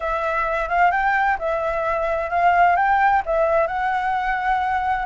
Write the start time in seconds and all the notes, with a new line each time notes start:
0.00 E5
0.68 F5
0.91 G5
1.38 E5
2.30 F5
2.76 G5
3.25 E5
3.67 F#5